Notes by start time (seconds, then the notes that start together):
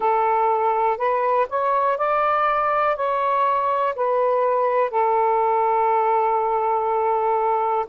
0.00 A4
0.97 B4
1.49 C#5
1.97 D5
2.96 C#5
3.95 B4
4.90 A4